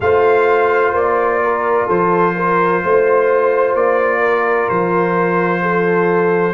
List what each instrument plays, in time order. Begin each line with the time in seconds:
0.00 tuba A3, trombone F4, horn C5, trumpet F5
0.92 tuba A#3, trumpet D5
1.42 horn A#4
1.86 tuba F3, horn A4, trumpet C5
2.35 horn A#4
2.83 tuba A3, horn C5
3.74 tuba A#3, trumpet D5
4.20 horn A#4
4.69 tuba F3, trumpet C5
5.62 horn A4